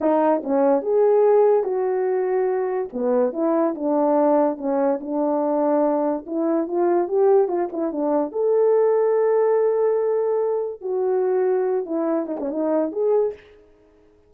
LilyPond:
\new Staff \with { instrumentName = "horn" } { \time 4/4 \tempo 4 = 144 dis'4 cis'4 gis'2 | fis'2. b4 | e'4 d'2 cis'4 | d'2. e'4 |
f'4 g'4 f'8 e'8 d'4 | a'1~ | a'2 fis'2~ | fis'8 e'4 dis'16 cis'16 dis'4 gis'4 | }